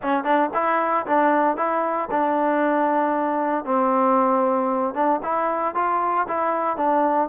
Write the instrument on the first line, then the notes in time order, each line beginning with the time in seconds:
trombone
0.02 C#4
0.23 D4
0.54 E4
1.06 D4
1.57 E4
2.10 D4
3.64 C4
4.94 D4
5.22 E4
5.74 F4
6.28 E4
6.77 D4